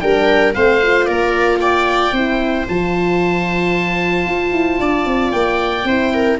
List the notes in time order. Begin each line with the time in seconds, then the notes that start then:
0.00 G3 D4 A#4 G5
0.54 A3 C4 C5 F5
0.82 F4
1.05 A#3 A#4 D5
1.60 D5 G5
2.12 C4 E4 C5
2.68 F3 F4 A5
4.26 F4
4.52 E4
4.79 D4 D5
5.05 C4
5.31 A#3 G5
5.84 C4 E4 C5
6.13 A#4